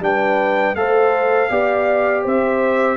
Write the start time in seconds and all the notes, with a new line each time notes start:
0.00 G3 D4 B4 G5
0.75 A3 A4 C5 F5
1.50 B3 G4 D5
2.23 C4 C5 E5